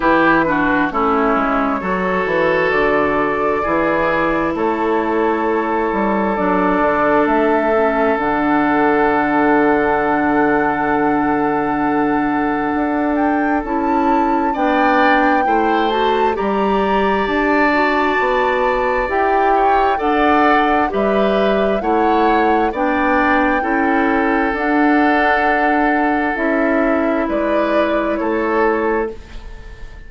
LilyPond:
<<
  \new Staff \with { instrumentName = "flute" } { \time 4/4 \tempo 4 = 66 b'4 cis''2 d''4~ | d''4 cis''2 d''4 | e''4 fis''2.~ | fis''2~ fis''8 g''8 a''4 |
g''4. a''8 ais''4 a''4~ | a''4 g''4 fis''4 e''4 | fis''4 g''2 fis''4~ | fis''4 e''4 d''4 cis''4 | }
  \new Staff \with { instrumentName = "oboe" } { \time 4/4 g'8 fis'8 e'4 a'2 | gis'4 a'2.~ | a'1~ | a'1 |
d''4 c''4 d''2~ | d''4. cis''8 d''4 b'4 | cis''4 d''4 a'2~ | a'2 b'4 a'4 | }
  \new Staff \with { instrumentName = "clarinet" } { \time 4/4 e'8 d'8 cis'4 fis'2 | e'2. d'4~ | d'8 cis'8 d'2.~ | d'2. e'4 |
d'4 e'8 fis'8 g'4. fis'8~ | fis'4 g'4 a'4 g'4 | e'4 d'4 e'4 d'4~ | d'4 e'2. | }
  \new Staff \with { instrumentName = "bassoon" } { \time 4/4 e4 a8 gis8 fis8 e8 d4 | e4 a4. g8 fis8 d8 | a4 d2.~ | d2 d'4 cis'4 |
b4 a4 g4 d'4 | b4 e'4 d'4 g4 | a4 b4 cis'4 d'4~ | d'4 cis'4 gis4 a4 | }
>>